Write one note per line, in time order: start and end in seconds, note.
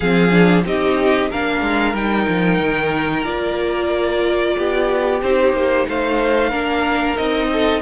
0.00 0.65 F3
0.00 0.31 C4
0.00 0.63 G#4
0.00 0.63 F5
0.31 0.63 D4
0.65 1.30 C4
0.65 1.31 D#4
0.65 1.30 G4
0.65 1.31 D#5
1.30 1.61 A#3
1.30 1.94 D4
1.30 4.56 A#4
1.30 1.95 F5
1.61 1.93 G#3
1.93 2.26 G3
1.93 3.24 D#4
1.93 3.24 G5
2.28 2.60 F3
2.60 3.25 D#3
3.24 4.55 A#3
3.24 5.20 F4
3.24 5.20 D5
4.57 5.21 B3
4.57 5.87 G4
5.21 5.52 C4
5.21 6.51 D#4
5.21 5.87 C5
5.52 5.85 A#3
5.88 6.52 A3
5.88 6.49 C5
5.88 7.17 F5
6.49 7.17 A#3
6.49 7.16 D4
6.49 7.47 A#4
7.16 7.81 C4
7.16 7.81 D#4
7.16 7.81 D#5
7.52 7.81 A4